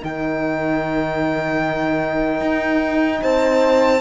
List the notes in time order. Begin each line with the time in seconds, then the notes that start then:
0.00 D#3 D#4 A#4 G5
2.41 D#4
3.22 C4 C5 A5